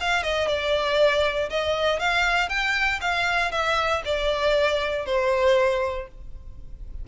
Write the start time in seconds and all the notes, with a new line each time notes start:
0.00 F5
0.23 D#5
0.48 D5
1.50 D#5
1.99 F5
2.49 G5
3.01 F5
3.51 E5
4.05 D5
5.06 C5